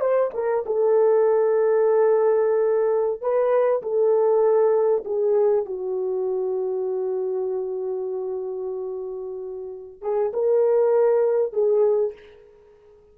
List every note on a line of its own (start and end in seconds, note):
0.00 0.30 C5
0.34 0.64 A#4
0.66 3.21 A4
3.21 3.82 B4
3.82 5.03 A4
5.05 5.65 G#4
5.65 10.01 F#4
10.01 10.32 G#4
10.33 11.52 A#4
11.52 12.13 G#4